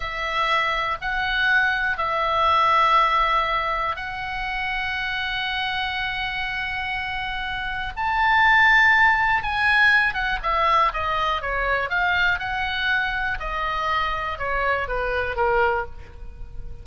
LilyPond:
\new Staff \with { instrumentName = "oboe" } { \time 4/4 \tempo 4 = 121 e''2 fis''2 | e''1 | fis''1~ | fis''1 |
a''2. gis''4~ | gis''8 fis''8 e''4 dis''4 cis''4 | f''4 fis''2 dis''4~ | dis''4 cis''4 b'4 ais'4 | }